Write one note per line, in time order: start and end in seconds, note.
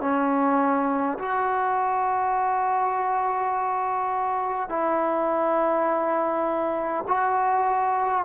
0.00 1.18 C#4
1.18 4.69 F#4
4.69 7.04 E4
7.07 8.25 F#4